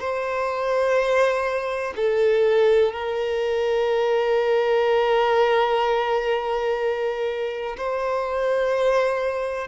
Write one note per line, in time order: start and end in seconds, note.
0.00 1.94 C5
1.96 2.93 A4
2.93 7.76 A#4
7.77 9.68 C5